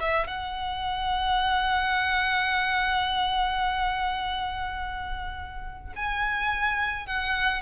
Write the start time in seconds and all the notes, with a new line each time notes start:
0.00 E5
0.27 F#5
5.96 G#5
7.07 F#5